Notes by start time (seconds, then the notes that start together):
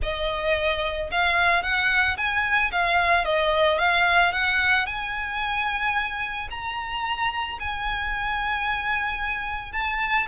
0.02 D#5
1.11 F5
1.62 F#5
2.17 G#5
2.71 F5
3.24 D#5
3.78 F5
4.32 F#5
4.86 G#5
6.50 A#5
7.59 G#5
9.72 A5